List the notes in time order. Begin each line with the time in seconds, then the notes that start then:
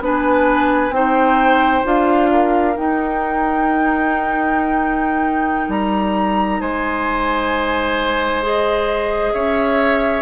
0.00 B3 D4 B4 G#5
0.90 C4 D#4 C5 G5
1.84 D4 F4 F5
2.31 A#4
2.75 D#4 G5
5.69 G3 A#5
6.60 G#3 C5 G#5
8.43 G#4 D#5
9.33 C#4 C#5 E5